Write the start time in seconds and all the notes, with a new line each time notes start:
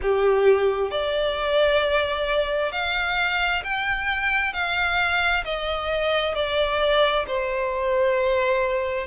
0.02 G4
0.90 D5
2.71 F5
3.64 G5
4.53 F5
5.44 D#5
6.34 D5
7.27 C5